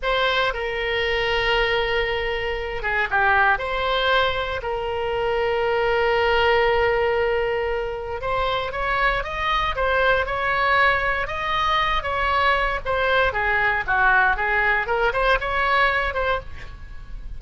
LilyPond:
\new Staff \with { instrumentName = "oboe" } { \time 4/4 \tempo 4 = 117 c''4 ais'2.~ | ais'4. gis'8 g'4 c''4~ | c''4 ais'2.~ | ais'1 |
c''4 cis''4 dis''4 c''4 | cis''2 dis''4. cis''8~ | cis''4 c''4 gis'4 fis'4 | gis'4 ais'8 c''8 cis''4. c''8 | }